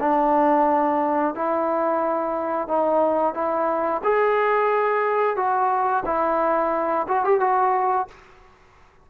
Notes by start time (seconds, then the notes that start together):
0.00 D4
1.35 E4
2.68 D#4
3.34 E4
4.04 G#4
5.36 F#4
6.06 E4
7.08 F#4
7.25 G4
7.40 F#4